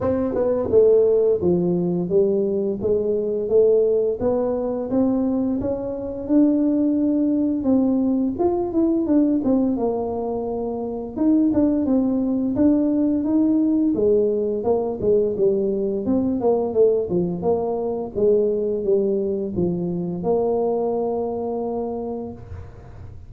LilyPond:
\new Staff \with { instrumentName = "tuba" } { \time 4/4 \tempo 4 = 86 c'8 b8 a4 f4 g4 | gis4 a4 b4 c'4 | cis'4 d'2 c'4 | f'8 e'8 d'8 c'8 ais2 |
dis'8 d'8 c'4 d'4 dis'4 | gis4 ais8 gis8 g4 c'8 ais8 | a8 f8 ais4 gis4 g4 | f4 ais2. | }